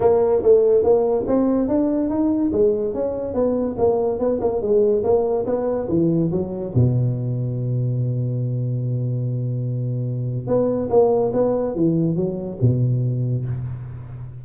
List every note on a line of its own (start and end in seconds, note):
0.00 0.41 A#3
0.41 0.83 A3
0.83 1.25 A#3
1.27 1.68 C4
1.68 2.09 D4
2.09 2.51 D#4
2.52 2.94 G#3
2.94 3.34 C#4
3.34 3.76 B3
3.78 4.19 A#3
4.19 4.40 B3
4.40 4.61 A#3
4.61 5.03 G#3
5.03 5.45 A#3
5.46 5.88 B3
5.89 6.31 E3
6.31 6.73 F#3
6.74 10.47 B2
10.47 10.89 B3
10.90 11.32 A#3
11.33 11.75 B3
11.75 12.15 E3
12.15 12.57 F#3
12.61 13.45 B2